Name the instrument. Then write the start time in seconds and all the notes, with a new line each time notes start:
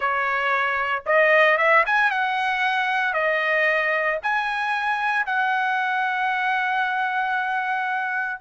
trumpet
0.00 C#5
1.06 D#5
1.57 E5
1.86 G#5
2.11 F#5
3.13 D#5
4.22 G#5
5.26 F#5